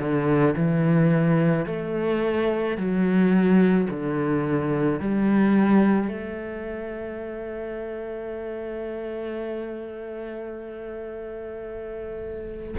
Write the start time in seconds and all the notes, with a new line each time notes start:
0.00 D3
0.57 E3
1.67 A3
2.78 F#3
3.90 D3
5.01 G3
6.09 A3